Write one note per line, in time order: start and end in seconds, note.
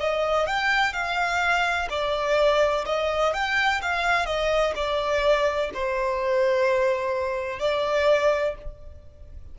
0.00 0.47 D#5
0.47 0.93 G5
0.93 1.88 F5
1.90 2.85 D5
2.86 3.33 D#5
3.33 3.81 G5
3.82 4.26 F5
4.26 4.74 D#5
4.76 5.71 D5
5.74 7.60 C5
7.60 8.55 D5